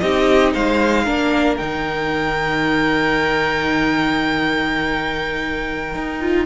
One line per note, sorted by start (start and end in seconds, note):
0.00 0.55 C4
0.00 1.06 D#4
0.00 0.55 G4
0.00 0.53 D#5
0.55 1.08 G#3
0.55 1.04 C5
0.55 1.57 F5
1.04 1.61 A#3
1.04 1.59 D4
1.04 6.44 A#4
1.57 5.95 D#3
1.57 6.20 D#4
1.57 6.44 G5
5.95 6.47 D#4
6.21 6.47 F4